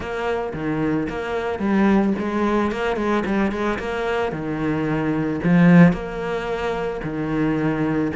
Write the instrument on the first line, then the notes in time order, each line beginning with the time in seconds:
cello
0.00 A#3
0.53 D#3
1.09 A#3
1.59 G3
2.18 G#3
2.71 A#3
2.96 G#3
3.25 G3
3.51 G#3
3.78 A#3
4.32 D#3
5.43 F3
5.92 A#3
7.03 D#3